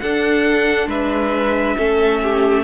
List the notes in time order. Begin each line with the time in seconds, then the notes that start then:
0.00 D4 A4 F#5
0.87 G#3 B4 E5
1.78 A3 C#4 A4
2.23 G4